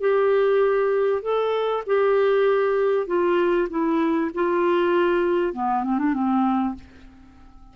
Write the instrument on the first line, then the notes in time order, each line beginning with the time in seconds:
clarinet
0.00 G4
1.22 A4
1.86 G4
3.06 F4
3.69 E4
4.34 F4
5.53 B3
5.83 C4
5.98 D4
6.13 C4